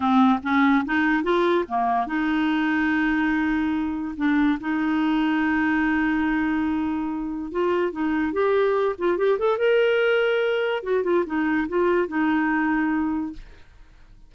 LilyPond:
\new Staff \with { instrumentName = "clarinet" } { \time 4/4 \tempo 4 = 144 c'4 cis'4 dis'4 f'4 | ais4 dis'2.~ | dis'2 d'4 dis'4~ | dis'1~ |
dis'2 f'4 dis'4 | g'4. f'8 g'8 a'8 ais'4~ | ais'2 fis'8 f'8 dis'4 | f'4 dis'2. | }